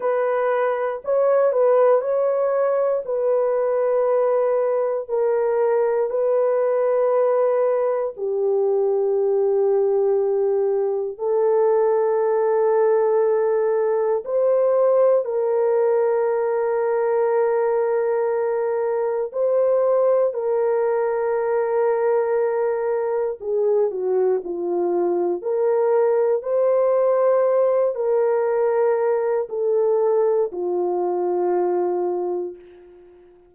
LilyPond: \new Staff \with { instrumentName = "horn" } { \time 4/4 \tempo 4 = 59 b'4 cis''8 b'8 cis''4 b'4~ | b'4 ais'4 b'2 | g'2. a'4~ | a'2 c''4 ais'4~ |
ais'2. c''4 | ais'2. gis'8 fis'8 | f'4 ais'4 c''4. ais'8~ | ais'4 a'4 f'2 | }